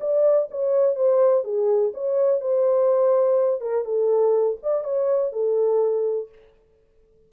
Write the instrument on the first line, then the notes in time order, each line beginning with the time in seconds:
horn
0.00 D5
0.50 C#5
0.95 C5
1.43 G#4
1.94 C#5
2.41 C5
3.60 A#4
3.84 A4
4.62 D5
4.83 C#5
5.32 A4